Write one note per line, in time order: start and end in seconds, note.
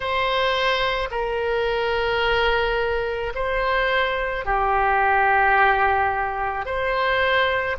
0.00 1.08 C5
1.11 3.33 A#4
3.34 4.45 C5
4.45 6.65 G4
6.65 7.76 C5